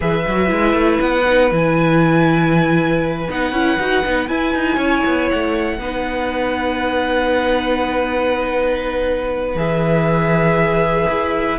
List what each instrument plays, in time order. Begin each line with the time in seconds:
0.00 cello E3, viola G#4, violin B4 E5
0.26 cello F#3, viola F#4
0.46 cello G#3, viola E4
0.73 cello A3
1.00 cello B3, violin F#5
1.25 viola D#4
1.50 cello E3, viola E4, violin G#5
3.29 cello B3, viola D#4, violin F#5
3.52 cello C#4, viola E4
3.78 cello D#4, viola F#4
4.04 cello B3, viola D#4
4.27 viola E4, cello E4, violin G#5
4.54 cello D#4
4.75 cello C#4, violin C#5
5.05 cello B3
5.30 cello A3, violin F#5
5.78 cello B3, viola D#4, violin B4
9.55 cello E3, viola G#4, violin E5
11.09 cello E4